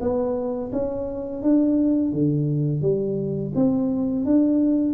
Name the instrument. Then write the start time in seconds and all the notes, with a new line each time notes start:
tuba
0.00 B3
0.72 C#4
1.42 D4
2.12 D3
2.81 G3
3.55 C4
4.25 D4